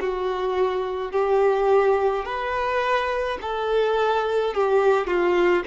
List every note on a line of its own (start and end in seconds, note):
0.00 1.11 F#4
1.11 2.24 G4
2.25 3.38 B4
3.41 4.54 A4
4.54 5.06 G4
5.06 5.63 F4